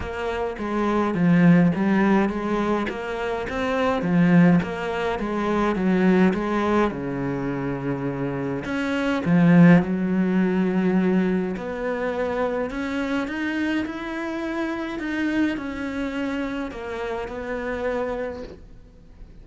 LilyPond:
\new Staff \with { instrumentName = "cello" } { \time 4/4 \tempo 4 = 104 ais4 gis4 f4 g4 | gis4 ais4 c'4 f4 | ais4 gis4 fis4 gis4 | cis2. cis'4 |
f4 fis2. | b2 cis'4 dis'4 | e'2 dis'4 cis'4~ | cis'4 ais4 b2 | }